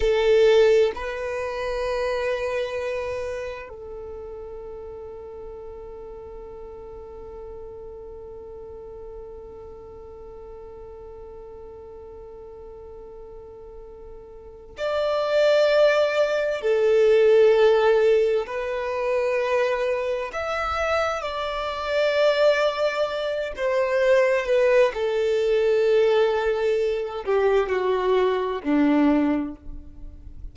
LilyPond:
\new Staff \with { instrumentName = "violin" } { \time 4/4 \tempo 4 = 65 a'4 b'2. | a'1~ | a'1~ | a'1 |
d''2 a'2 | b'2 e''4 d''4~ | d''4. c''4 b'8 a'4~ | a'4. g'8 fis'4 d'4 | }